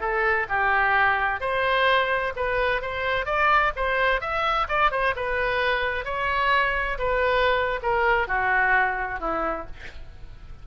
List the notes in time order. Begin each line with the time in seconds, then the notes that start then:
0.00 A4
0.49 G4
1.40 C5
2.36 B4
2.81 C5
3.25 D5
3.76 C5
4.21 E5
4.68 D5
4.91 C5
5.16 B4
6.05 C#5
6.98 B4
7.82 A#4
8.27 F#4
9.20 E4